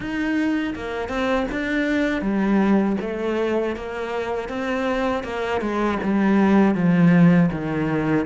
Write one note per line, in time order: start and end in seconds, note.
0.00 0.74 D#4
0.75 1.09 A#3
1.09 1.46 C4
1.51 2.21 D4
2.21 2.96 G3
3.00 3.75 A3
3.75 4.49 A#3
4.49 5.23 C4
5.23 5.61 A#3
5.61 5.98 G#3
6.03 6.74 G3
6.74 7.49 F3
7.51 8.26 D#3